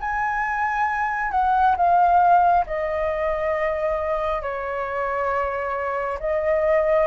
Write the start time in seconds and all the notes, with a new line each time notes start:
0.00 G#5
1.31 F#5
1.77 F5
2.66 D#5
4.42 C#5
6.19 D#5